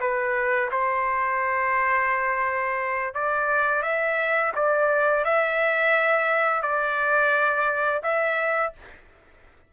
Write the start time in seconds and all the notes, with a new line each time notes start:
0.00 B4
0.71 C5
3.15 D5
3.83 E5
4.55 D5
5.25 E5
6.62 D5
8.03 E5